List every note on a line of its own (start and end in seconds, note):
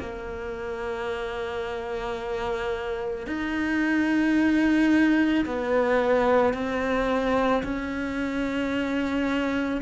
0.00 3.27 A#3
3.27 5.45 D#4
5.46 6.54 B3
6.54 7.63 C4
7.64 9.82 C#4